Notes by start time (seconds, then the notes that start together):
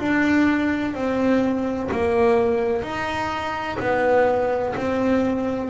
0.00 D4
0.95 C4
1.92 A#3
2.83 D#4
3.80 B3
4.77 C4